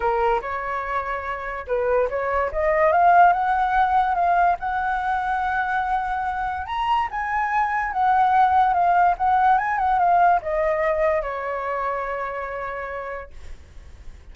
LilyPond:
\new Staff \with { instrumentName = "flute" } { \time 4/4 \tempo 4 = 144 ais'4 cis''2. | b'4 cis''4 dis''4 f''4 | fis''2 f''4 fis''4~ | fis''1 |
ais''4 gis''2 fis''4~ | fis''4 f''4 fis''4 gis''8 fis''8 | f''4 dis''2 cis''4~ | cis''1 | }